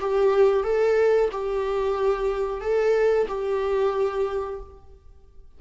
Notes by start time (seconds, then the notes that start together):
0.00 G4
0.63 A4
1.32 G4
2.61 A4
3.28 G4